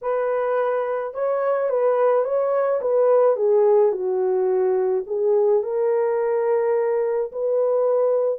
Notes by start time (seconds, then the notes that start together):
0.01 B4
1.13 C#5
1.69 B4
2.24 C#5
2.81 B4
3.36 G#4
3.92 F#4
5.06 G#4
5.63 A#4
7.32 B4